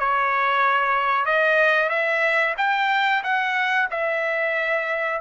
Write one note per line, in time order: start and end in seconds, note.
0.00 1.26 C#5
1.26 1.90 D#5
1.90 2.55 E5
2.58 3.23 G5
3.24 3.89 F#5
3.91 5.22 E5